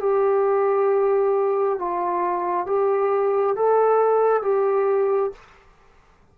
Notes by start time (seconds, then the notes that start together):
0.00 G4
1.79 F4
2.67 G4
3.56 A4
4.43 G4